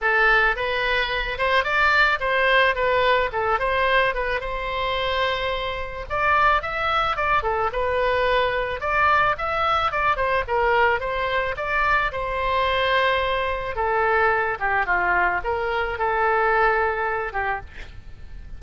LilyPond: \new Staff \with { instrumentName = "oboe" } { \time 4/4 \tempo 4 = 109 a'4 b'4. c''8 d''4 | c''4 b'4 a'8 c''4 b'8 | c''2. d''4 | e''4 d''8 a'8 b'2 |
d''4 e''4 d''8 c''8 ais'4 | c''4 d''4 c''2~ | c''4 a'4. g'8 f'4 | ais'4 a'2~ a'8 g'8 | }